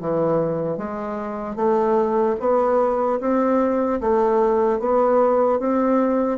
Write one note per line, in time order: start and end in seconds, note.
0.00 0.77 E3
0.77 1.56 G#3
1.56 2.36 A3
2.40 3.20 B3
3.20 4.00 C4
4.00 4.79 A3
4.79 5.59 B3
5.59 6.38 C4